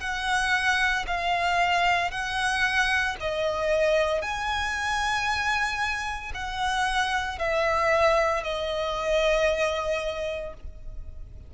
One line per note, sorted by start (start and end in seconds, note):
0.00 1.05 F#5
1.07 2.11 F5
2.11 3.16 F#5
3.20 4.22 D#5
4.22 6.32 G#5
6.34 7.38 F#5
7.38 8.43 E5
8.43 10.54 D#5